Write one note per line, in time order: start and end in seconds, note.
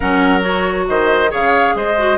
0.00 0.88 F#3
0.00 0.40 C#4
0.00 0.84 A#4
0.00 0.42 F#5
0.40 1.28 F#4
0.40 0.87 C#5
0.88 1.32 D#3
0.88 1.30 C5
0.88 1.32 D#5
1.29 1.74 C#3
1.29 1.94 G#4
1.29 1.74 C#5
1.29 1.77 F5
1.74 2.18 G#3
1.74 2.18 C5
1.74 2.18 D#5
1.97 2.18 F#4